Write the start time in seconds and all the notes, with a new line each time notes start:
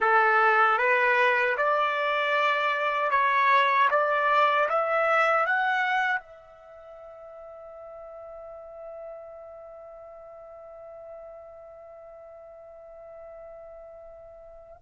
0.00 A4
0.78 B4
1.57 D5
3.11 C#5
3.90 D5
4.69 E5
5.45 F#5
6.19 E5